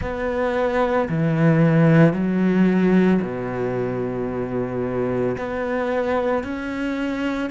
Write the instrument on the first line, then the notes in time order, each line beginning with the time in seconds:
cello
0.01 B3
1.08 E3
2.13 F#3
3.21 B2
5.37 B3
6.43 C#4